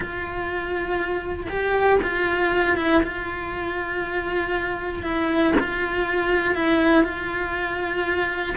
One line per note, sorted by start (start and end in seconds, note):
0.00 1.47 F4
1.49 1.99 G4
2.02 2.77 F4
2.77 3.02 E4
3.03 5.03 F4
5.03 5.53 E4
5.59 6.54 F4
6.54 7.04 E4
7.04 8.55 F4